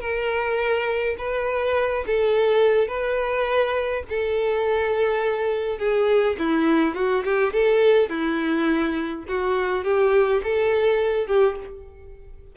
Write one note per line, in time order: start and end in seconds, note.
0.00 1.15 A#4
1.18 2.04 B4
2.06 2.87 A4
2.87 4.03 B4
4.09 5.78 A4
5.78 6.36 G#4
6.38 6.95 E4
6.95 7.24 F#4
7.24 7.53 G4
7.53 8.09 A4
8.09 9.25 E4
9.28 9.84 F#4
9.84 10.42 G4
10.43 11.27 A4
11.27 11.56 G4